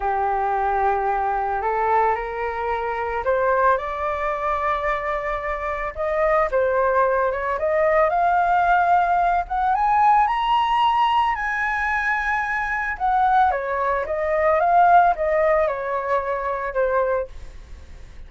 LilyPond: \new Staff \with { instrumentName = "flute" } { \time 4/4 \tempo 4 = 111 g'2. a'4 | ais'2 c''4 d''4~ | d''2. dis''4 | c''4. cis''8 dis''4 f''4~ |
f''4. fis''8 gis''4 ais''4~ | ais''4 gis''2. | fis''4 cis''4 dis''4 f''4 | dis''4 cis''2 c''4 | }